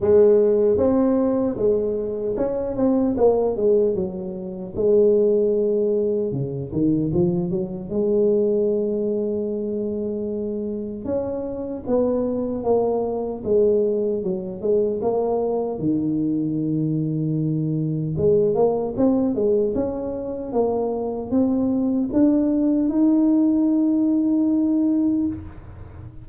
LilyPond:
\new Staff \with { instrumentName = "tuba" } { \time 4/4 \tempo 4 = 76 gis4 c'4 gis4 cis'8 c'8 | ais8 gis8 fis4 gis2 | cis8 dis8 f8 fis8 gis2~ | gis2 cis'4 b4 |
ais4 gis4 fis8 gis8 ais4 | dis2. gis8 ais8 | c'8 gis8 cis'4 ais4 c'4 | d'4 dis'2. | }